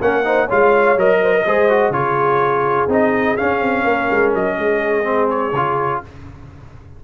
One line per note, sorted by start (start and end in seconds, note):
0.00 0.49 A#3
0.00 0.24 C#4
0.00 0.24 A#4
0.00 0.49 F#5
0.24 0.48 D#4
0.24 0.46 C5
0.46 0.96 G#3
0.46 0.97 F4
0.46 1.18 C#5
0.46 0.99 F5
0.96 1.44 F#3
0.96 1.46 A#4
0.96 1.92 D#5
1.22 1.34 C5
1.34 1.46 A#4
1.46 1.90 G#3
1.46 1.69 G#4
1.46 1.94 C5
1.69 1.93 F#4
1.90 2.86 C#3
1.90 2.89 F4
1.90 3.87 G#4
1.90 2.88 C#5
2.88 3.36 C4
2.88 3.37 D#4
2.88 3.36 D#5
3.36 5.03 C#4
3.36 3.61 C#4
3.36 4.32 F5
3.61 3.84 C4
3.84 4.08 A#3
3.84 4.57 A#4
4.10 4.34 G#3
4.34 4.58 F#3
4.34 5.29 D#5
4.57 5.52 G#3
4.57 6.01 G#4
5.03 5.51 C4
5.29 6.01 C#5
5.52 6.00 C#3
5.52 6.04 F4